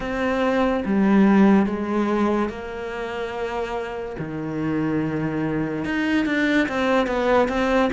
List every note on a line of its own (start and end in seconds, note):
0.00 0.83 C4
0.85 1.66 G3
1.66 2.49 G#3
2.49 4.16 A#3
4.19 5.84 D#3
5.84 6.25 D#4
6.25 6.67 D4
6.68 7.06 C4
7.06 7.48 B3
7.48 7.90 C4